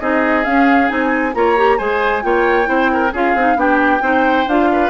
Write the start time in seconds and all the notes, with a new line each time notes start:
0.00 C4 D#4 G#4 D#5
0.44 C#4 F5
0.88 C4 D#4 G#5
1.35 A#3 F4 C#5 A#5
1.57 G4
1.78 G#3 G#4 C5 G#5
2.23 A#3 F4 C#5 G5
2.65 C4 E4 C5
2.93 A#4
3.13 C#4 F4 G#4 F5
3.35 C4 D#4
3.56 B3 D4 G4 G5
4.02 C4 D#4 C5
4.47 D4 F4 F5
4.72 B4